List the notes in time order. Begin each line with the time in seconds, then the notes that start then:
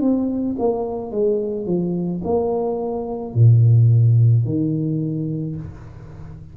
0.00 C4
0.59 A#3
1.11 G#3
1.66 F3
2.24 A#3
3.34 A#2
4.44 D#3